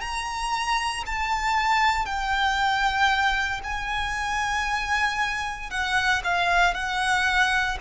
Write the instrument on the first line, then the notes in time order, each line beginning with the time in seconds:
violin
0.00 A#5
1.05 A5
2.05 G5
3.63 G#5
5.70 F#5
6.24 F5
6.74 F#5